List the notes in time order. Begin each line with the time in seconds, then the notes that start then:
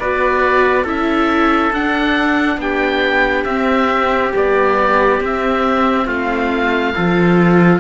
0.00 B3 F#4 B4 D5
0.84 C#4 E4 A4 E5
1.73 D4 F#5
2.58 B3 G4 G5
3.45 C4 E5
4.34 G3 B3 D5
5.21 C4 E5
6.07 A3 F4 F5
6.95 F3 F4 A4